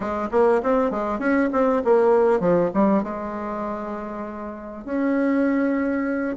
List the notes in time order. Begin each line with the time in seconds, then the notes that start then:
0.00 G#3
0.31 A#3
0.62 C4
0.90 G#3
1.19 C#4
1.52 C4
1.84 A#3
2.40 F3
2.74 G3
3.03 G#3
4.84 C#4